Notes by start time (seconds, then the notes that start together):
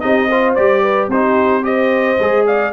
0.00 C4 D#4 G4 D#5
0.29 F4 C5
0.55 G3 G4 D5
0.83 B4
1.08 C4 D#4 G4 C5
1.62 G4 C5 D#5
2.19 G#3 G#4
2.47 D5 F5